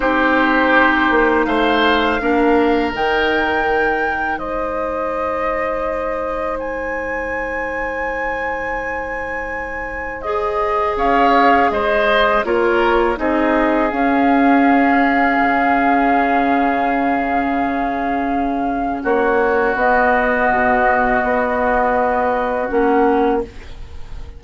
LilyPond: <<
  \new Staff \with { instrumentName = "flute" } { \time 4/4 \tempo 4 = 82 c''2 f''2 | g''2 dis''2~ | dis''4 gis''2.~ | gis''2 dis''4 f''4 |
dis''4 cis''4 dis''4 f''4~ | f''1~ | f''2 cis''4 dis''4~ | dis''2. fis''4 | }
  \new Staff \with { instrumentName = "oboe" } { \time 4/4 g'2 c''4 ais'4~ | ais'2 c''2~ | c''1~ | c''2. cis''4 |
c''4 ais'4 gis'2~ | gis'1~ | gis'2 fis'2~ | fis'1 | }
  \new Staff \with { instrumentName = "clarinet" } { \time 4/4 dis'2. d'4 | dis'1~ | dis'1~ | dis'2 gis'2~ |
gis'4 f'4 dis'4 cis'4~ | cis'1~ | cis'2. b4~ | b2. cis'4 | }
  \new Staff \with { instrumentName = "bassoon" } { \time 4/4 c'4. ais8 a4 ais4 | dis2 gis2~ | gis1~ | gis2. cis'4 |
gis4 ais4 c'4 cis'4~ | cis'4 cis2.~ | cis2 ais4 b4 | b,4 b2 ais4 | }
>>